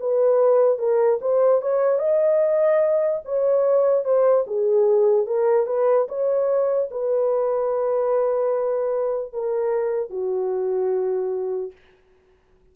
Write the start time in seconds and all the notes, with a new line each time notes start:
0.00 B4
0.79 A#4
1.21 C5
1.61 C#5
1.99 D#5
3.25 C#5
4.04 C5
4.47 G#4
5.26 A#4
5.66 B4
6.08 C#5
6.91 B4
9.33 A#4
10.10 F#4